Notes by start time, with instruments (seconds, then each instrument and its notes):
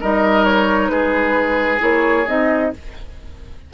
0.00 bassoon G3, clarinet D#4, oboe A#4, flute D#5
0.44 flute C#5
0.88 bassoon G#3, oboe G#4, flute B4
1.78 bassoon A#3, clarinet E4, flute C#5
2.27 bassoon C4, clarinet D#4, flute D#5